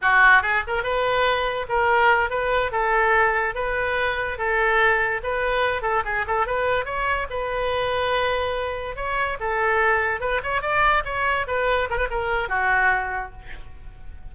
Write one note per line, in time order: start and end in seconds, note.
0.01 0.42 F#4
0.42 0.63 G#4
0.67 0.83 A#4
0.83 1.66 B4
1.68 2.29 A#4
2.29 2.71 B4
2.71 3.54 A4
3.54 4.37 B4
4.37 5.21 A4
5.23 5.82 B4
5.82 6.03 A4
6.05 6.25 G#4
6.27 6.46 A4
6.46 6.85 B4
6.85 7.27 C#5
7.30 8.96 B4
8.96 9.37 C#5
9.40 10.20 A4
10.20 10.41 B4
10.43 10.61 C#5
10.61 11.03 D5
11.04 11.46 C#5
11.47 11.88 B4
11.90 11.97 A#4
11.97 12.07 B4
12.10 12.48 A#4
12.48 13.32 F#4